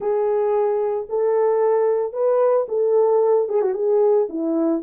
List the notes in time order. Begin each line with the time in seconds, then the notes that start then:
0.00 G#4
1.09 A4
2.12 B4
2.68 A4
3.48 G#4
3.61 F#4
3.74 G#4
4.29 E4